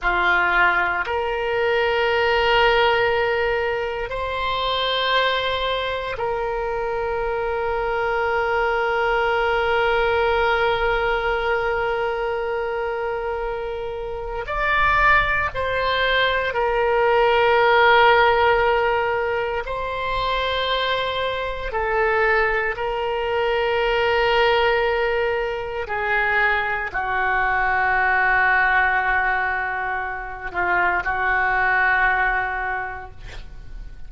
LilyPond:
\new Staff \with { instrumentName = "oboe" } { \time 4/4 \tempo 4 = 58 f'4 ais'2. | c''2 ais'2~ | ais'1~ | ais'2 d''4 c''4 |
ais'2. c''4~ | c''4 a'4 ais'2~ | ais'4 gis'4 fis'2~ | fis'4. f'8 fis'2 | }